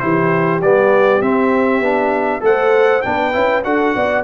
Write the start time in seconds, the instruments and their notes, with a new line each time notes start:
0.00 tuba E3, trombone E4, horn G4, trumpet C5
0.62 tuba G3, trombone B3, trumpet D5
1.22 tuba C4, trombone C4, trumpet E5
1.81 tuba B3, trombone D4
2.41 tuba A3, trombone A4, horn C5, trumpet F#5
3.02 tuba B3, trombone D4, horn B4, trumpet G5
3.33 tuba C#4, trombone E4
3.64 tuba D4, trombone F#4, horn A4, trumpet F#5
3.95 tuba B3, horn D5